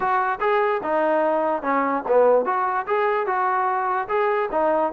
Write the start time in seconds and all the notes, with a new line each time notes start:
0.00 F#4
0.40 G#4
0.83 D#4
1.62 C#4
2.08 B3
2.45 F#4
2.86 G#4
3.26 F#4
4.08 G#4
4.51 D#4